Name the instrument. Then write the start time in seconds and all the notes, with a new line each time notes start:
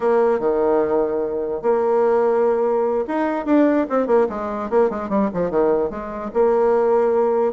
bassoon
0.00 A#3
0.39 D#3
1.62 A#3
3.07 D#4
3.45 D4
3.89 C4
4.06 A#3
4.29 G#3
4.70 A#3
4.90 G#3
5.09 G3
5.33 F3
5.50 D#3
5.89 G#3
6.33 A#3